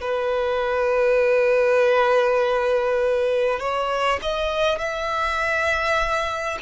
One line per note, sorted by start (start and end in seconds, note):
0.00 3.59 B4
3.59 4.19 C#5
4.22 4.78 D#5
4.78 6.58 E5